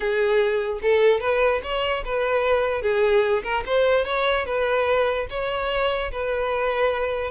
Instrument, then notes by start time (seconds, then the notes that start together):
violin
0.00 G#4
0.81 A4
1.20 B4
1.63 C#5
2.04 B4
2.82 G#4
3.43 A#4
3.66 C5
4.04 C#5
4.45 B4
5.30 C#5
6.11 B4